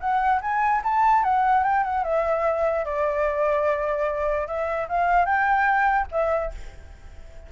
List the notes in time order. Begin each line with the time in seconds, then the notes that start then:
0.00 F#5
0.41 G#5
0.84 A5
1.23 F#5
1.63 G5
1.83 F#5
2.04 E5
2.85 D5
4.47 E5
4.88 F5
5.25 G5
6.11 E5